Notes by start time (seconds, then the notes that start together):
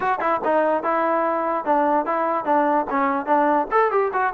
0.00 F#4
0.20 E4
0.44 D#4
0.83 E4
1.64 D4
2.05 E4
2.44 D4
2.90 C#4
3.26 D4
3.71 A4
3.91 G4
4.13 F#4